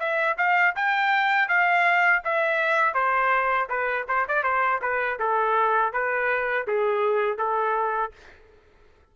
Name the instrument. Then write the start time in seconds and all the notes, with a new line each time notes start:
trumpet
0.00 E5
0.38 F5
0.76 G5
1.48 F5
2.25 E5
2.95 C5
3.69 B4
4.08 C5
4.28 D5
4.43 C5
4.82 B4
5.20 A4
5.93 B4
6.68 G#4
7.38 A4